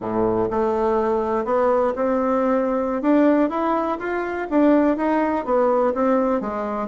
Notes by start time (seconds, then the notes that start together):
0.00 A2
0.50 A3
1.44 B3
1.95 C4
3.01 D4
3.49 E4
3.99 F4
4.50 D4
4.96 D#4
5.45 B3
5.94 C4
6.40 G#3